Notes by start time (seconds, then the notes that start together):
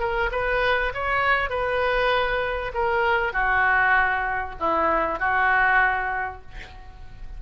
0.00 A#4
0.32 B4
0.94 C#5
1.50 B4
2.74 A#4
3.33 F#4
4.60 E4
5.20 F#4